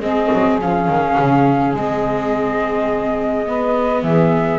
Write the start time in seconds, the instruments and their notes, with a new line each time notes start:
0.00 double bass G#3, viola C4, saxophone G#4, flute D#5
0.34 double bass F#3
0.62 double bass F3, viola C#4, flute F5
0.88 double bass D#3
1.19 double bass C#3
1.74 double bass G#3, viola C4, flute D#5
3.47 viola B3, saxophone B4
4.03 double bass E3, saxophone G#4, flute E5